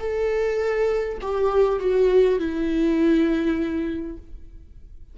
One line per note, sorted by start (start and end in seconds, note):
0.00 1.19 A4
1.22 1.80 G4
1.80 2.39 F#4
2.39 4.17 E4